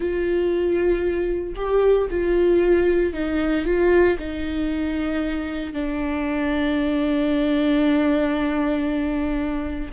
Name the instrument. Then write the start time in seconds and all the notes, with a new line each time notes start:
viola
0.00 F4
1.55 G4
2.10 F4
3.13 D#4
3.65 F4
4.18 D#4
5.72 D4